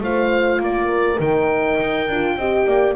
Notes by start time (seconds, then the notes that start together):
0.00 A3 F4 C5 F5
0.59 A#3 A#4 D5
1.18 D#3 D#4 G5
1.80 D#4
2.08 D4 F4
2.36 C4 G4 D#5
2.66 A#3 D5